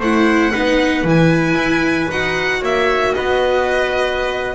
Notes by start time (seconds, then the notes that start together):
0.00 A3 E4 C5 F#5
0.53 B3 D#4 B4
1.04 E3 E4 G#5
1.55 E4
2.11 D#4 F#4 F#5
2.60 A#3 C#5 E5
3.15 B3 B4 D#5